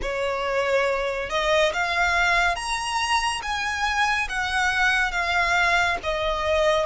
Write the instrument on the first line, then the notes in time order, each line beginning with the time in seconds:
violin
0.02 C#5
1.29 D#5
1.73 F5
2.55 A#5
3.42 G#5
4.29 F#5
5.11 F5
6.03 D#5